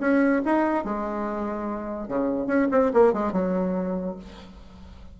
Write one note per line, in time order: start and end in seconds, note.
0.00 0.42 C#4
0.45 0.84 D#4
0.84 2.08 G#3
2.08 2.46 C#3
2.46 2.67 C#4
2.71 2.92 C4
2.94 3.13 A#3
3.13 3.32 G#3
3.32 4.16 F#3